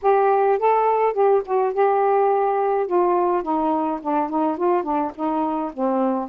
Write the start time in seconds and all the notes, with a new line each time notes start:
0.02 G4
0.58 A4
1.13 G4
1.45 F#4
1.73 G4
2.86 F4
3.42 D#4
4.01 D4
4.29 D#4
4.57 F4
4.83 D4
5.15 D#4
5.73 C4